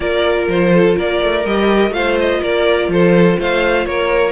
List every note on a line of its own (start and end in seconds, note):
0.00 0.47 A#3
0.00 1.43 F4
0.00 0.73 A#4
0.00 0.48 D5
0.47 0.96 F3
0.47 0.98 C5
0.73 0.96 A4
0.96 1.21 A#3
0.96 1.93 A#4
0.96 1.46 D5
1.22 1.45 A3
1.45 1.90 G3
1.45 1.92 G4
1.45 1.93 D#5
1.90 2.39 A3
1.90 4.32 F4
1.90 2.40 C5
1.90 2.17 F5
2.19 2.43 D#5
2.40 2.88 A#3
2.40 2.89 A#4
2.40 2.91 D5
2.88 3.36 F3
2.88 3.39 A4
2.88 3.40 C5
3.39 3.85 A3
3.39 3.87 C5
3.39 3.85 F5
3.85 4.32 A#3
3.85 4.32 A#4
3.85 4.32 C#5